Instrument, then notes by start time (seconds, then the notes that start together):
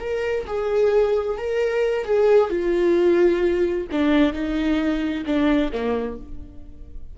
viola
0.00 A#4
0.47 G#4
1.38 A#4
2.05 G#4
2.50 F4
3.92 D4
4.33 D#4
5.26 D4
5.72 A#3